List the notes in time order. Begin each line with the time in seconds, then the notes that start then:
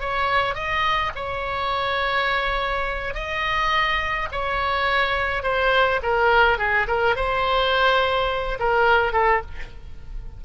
0.00 C#5
0.54 D#5
1.15 C#5
3.14 D#5
4.31 C#5
5.43 C5
6.02 A#4
6.58 G#4
6.87 A#4
7.15 C5
8.59 A#4
9.12 A4